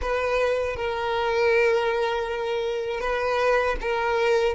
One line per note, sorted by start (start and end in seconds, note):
0.01 0.76 B4
0.76 3.00 A#4
3.00 3.76 B4
3.81 4.54 A#4